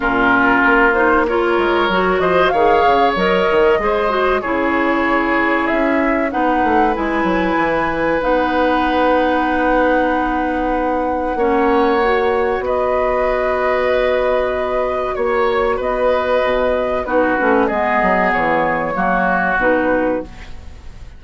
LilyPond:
<<
  \new Staff \with { instrumentName = "flute" } { \time 4/4 \tempo 4 = 95 ais'4. c''8 cis''4. dis''8 | f''4 dis''2 cis''4~ | cis''4 e''4 fis''4 gis''4~ | gis''4 fis''2.~ |
fis''1 | dis''1 | cis''4 dis''2 b'4 | dis''4 cis''2 b'4 | }
  \new Staff \with { instrumentName = "oboe" } { \time 4/4 f'2 ais'4. c''8 | cis''2 c''4 gis'4~ | gis'2 b'2~ | b'1~ |
b'2 cis''2 | b'1 | cis''4 b'2 fis'4 | gis'2 fis'2 | }
  \new Staff \with { instrumentName = "clarinet" } { \time 4/4 cis'4. dis'8 f'4 fis'4 | gis'4 ais'4 gis'8 fis'8 e'4~ | e'2 dis'4 e'4~ | e'4 dis'2.~ |
dis'2 cis'4 fis'4~ | fis'1~ | fis'2. dis'8 cis'8 | b2 ais4 dis'4 | }
  \new Staff \with { instrumentName = "bassoon" } { \time 4/4 ais,4 ais4. gis8 fis8 f8 | dis8 cis8 fis8 dis8 gis4 cis4~ | cis4 cis'4 b8 a8 gis8 fis8 | e4 b2.~ |
b2 ais2 | b1 | ais4 b4 b,4 b8 a8 | gis8 fis8 e4 fis4 b,4 | }
>>